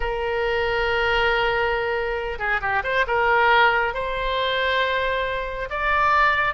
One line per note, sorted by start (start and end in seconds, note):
0.00 2.38 A#4
2.39 2.61 G#4
2.61 2.82 G4
2.83 3.05 C5
3.07 3.94 A#4
3.94 5.69 C5
5.70 6.54 D5